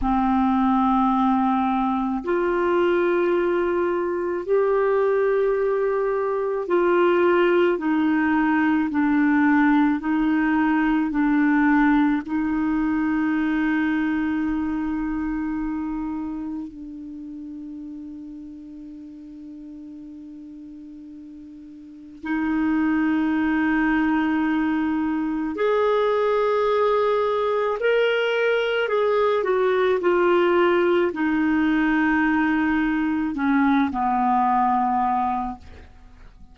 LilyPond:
\new Staff \with { instrumentName = "clarinet" } { \time 4/4 \tempo 4 = 54 c'2 f'2 | g'2 f'4 dis'4 | d'4 dis'4 d'4 dis'4~ | dis'2. d'4~ |
d'1 | dis'2. gis'4~ | gis'4 ais'4 gis'8 fis'8 f'4 | dis'2 cis'8 b4. | }